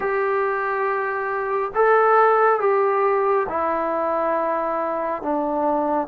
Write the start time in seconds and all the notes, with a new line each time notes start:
0.00 G4
1.74 A4
2.59 G4
3.48 E4
5.22 D4